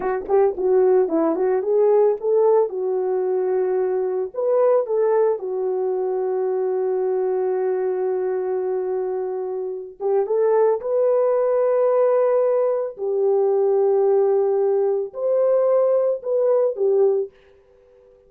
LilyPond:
\new Staff \with { instrumentName = "horn" } { \time 4/4 \tempo 4 = 111 fis'8 g'8 fis'4 e'8 fis'8 gis'4 | a'4 fis'2. | b'4 a'4 fis'2~ | fis'1~ |
fis'2~ fis'8 g'8 a'4 | b'1 | g'1 | c''2 b'4 g'4 | }